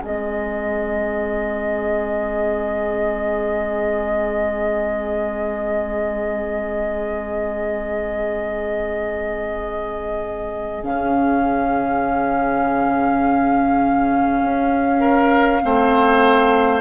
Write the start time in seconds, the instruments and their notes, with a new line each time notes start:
0.00 bassoon G#3, clarinet C4, oboe G#4, flute D#5
10.83 bassoon C#3, clarinet C#4, flute F5
14.42 bassoon C#4
15.00 oboe A#4
15.61 bassoon A3, clarinet C4, oboe C5